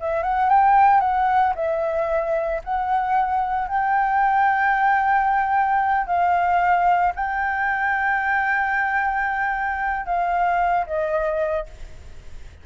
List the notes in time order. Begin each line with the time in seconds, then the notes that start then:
0.00 E5
0.23 F#5
0.49 G5
1.00 F#5
1.55 E5
2.64 F#5
3.68 G5
6.07 F5
7.15 G5
10.06 F5
10.87 D#5